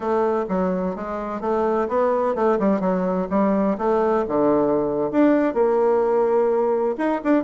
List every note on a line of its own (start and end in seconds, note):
0.00 0.44 A3
0.49 0.95 F#3
0.95 1.40 G#3
1.40 1.88 A3
1.88 2.35 B3
2.35 2.58 A3
2.59 2.80 G3
2.80 3.27 F#3
3.29 3.77 G3
3.78 4.25 A3
4.28 5.10 D3
5.11 5.54 D4
5.54 6.95 A#3
6.97 7.21 D#4
7.24 7.43 D4